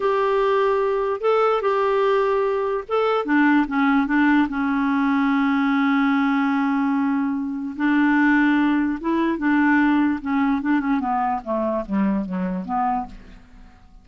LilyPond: \new Staff \with { instrumentName = "clarinet" } { \time 4/4 \tempo 4 = 147 g'2. a'4 | g'2. a'4 | d'4 cis'4 d'4 cis'4~ | cis'1~ |
cis'2. d'4~ | d'2 e'4 d'4~ | d'4 cis'4 d'8 cis'8 b4 | a4 g4 fis4 b4 | }